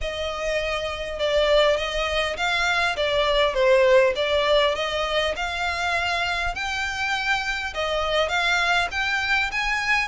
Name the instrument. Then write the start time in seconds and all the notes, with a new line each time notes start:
violin
0.01 D#5
1.19 D5
1.77 D#5
2.36 F5
2.96 D5
3.53 C5
4.15 D5
4.75 D#5
5.35 F5
6.54 G5
7.74 D#5
8.28 F5
8.91 G5
9.51 G#5